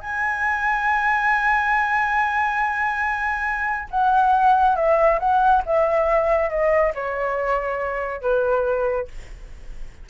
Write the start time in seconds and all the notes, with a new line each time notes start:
0.00 G#5
3.90 F#5
4.76 E5
5.19 F#5
5.65 E5
6.50 D#5
6.95 C#5
8.21 B4